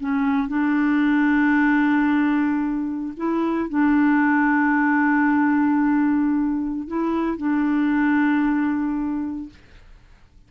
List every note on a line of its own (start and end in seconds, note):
0.00 0.48 C#4
0.48 3.14 D4
3.17 3.69 E4
3.69 6.88 D4
6.88 7.37 E4
7.37 9.50 D4